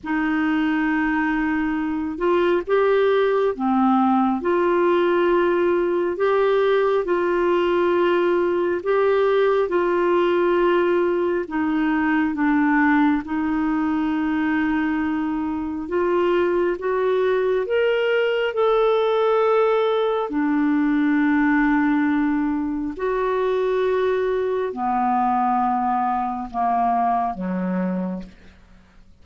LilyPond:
\new Staff \with { instrumentName = "clarinet" } { \time 4/4 \tempo 4 = 68 dis'2~ dis'8 f'8 g'4 | c'4 f'2 g'4 | f'2 g'4 f'4~ | f'4 dis'4 d'4 dis'4~ |
dis'2 f'4 fis'4 | ais'4 a'2 d'4~ | d'2 fis'2 | b2 ais4 fis4 | }